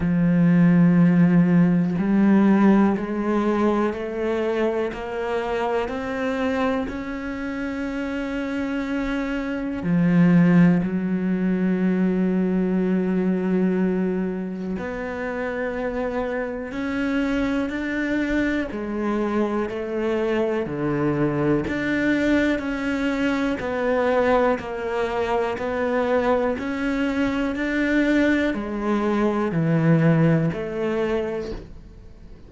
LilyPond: \new Staff \with { instrumentName = "cello" } { \time 4/4 \tempo 4 = 61 f2 g4 gis4 | a4 ais4 c'4 cis'4~ | cis'2 f4 fis4~ | fis2. b4~ |
b4 cis'4 d'4 gis4 | a4 d4 d'4 cis'4 | b4 ais4 b4 cis'4 | d'4 gis4 e4 a4 | }